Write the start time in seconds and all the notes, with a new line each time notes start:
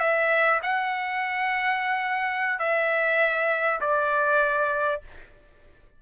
0.00 E5
0.63 F#5
2.59 E5
3.81 D5